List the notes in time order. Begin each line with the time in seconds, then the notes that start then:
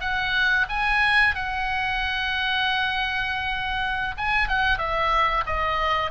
0.00 F#5
0.69 G#5
1.35 F#5
4.17 G#5
4.48 F#5
4.78 E5
5.46 D#5